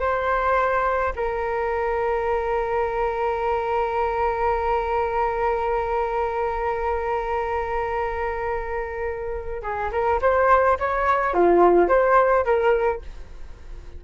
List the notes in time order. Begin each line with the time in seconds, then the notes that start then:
0.00 C5
1.16 A#4
9.63 G#4
9.92 A#4
10.22 C5
10.79 C#5
11.34 F4
11.88 C5
12.45 A#4